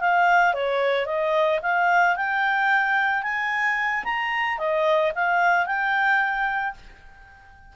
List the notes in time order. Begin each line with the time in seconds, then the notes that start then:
0.00 F5
0.54 C#5
1.06 D#5
1.62 F5
2.16 G5
3.22 G#5
4.04 A#5
4.58 D#5
5.15 F5
5.66 G5